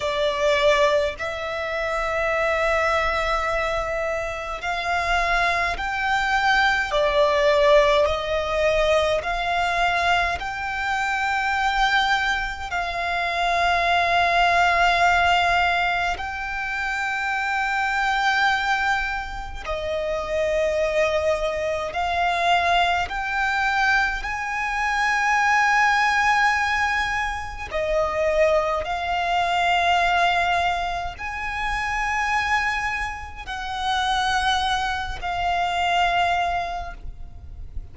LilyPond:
\new Staff \with { instrumentName = "violin" } { \time 4/4 \tempo 4 = 52 d''4 e''2. | f''4 g''4 d''4 dis''4 | f''4 g''2 f''4~ | f''2 g''2~ |
g''4 dis''2 f''4 | g''4 gis''2. | dis''4 f''2 gis''4~ | gis''4 fis''4. f''4. | }